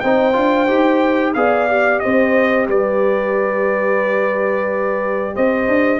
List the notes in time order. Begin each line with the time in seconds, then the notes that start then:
0.00 C4 D#4 C5 G5
0.33 D4 F4
0.68 D#4 G4
1.34 B3 G#4 D5 F5
1.69 G4
2.00 C4 C5 D#5
2.68 G3 B4 D5
5.35 C4 C5 D#5
5.68 D4